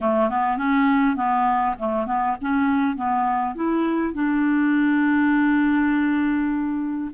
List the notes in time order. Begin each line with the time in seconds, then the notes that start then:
0.01 A3
0.29 B3
0.57 C#4
1.16 B3
1.78 A3
2.06 B3
2.41 C#4
2.96 B3
3.55 E4
4.14 D4